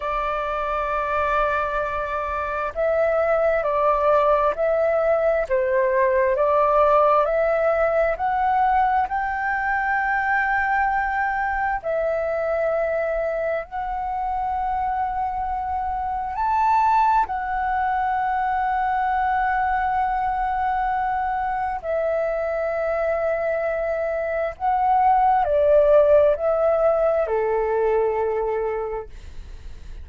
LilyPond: \new Staff \with { instrumentName = "flute" } { \time 4/4 \tempo 4 = 66 d''2. e''4 | d''4 e''4 c''4 d''4 | e''4 fis''4 g''2~ | g''4 e''2 fis''4~ |
fis''2 a''4 fis''4~ | fis''1 | e''2. fis''4 | d''4 e''4 a'2 | }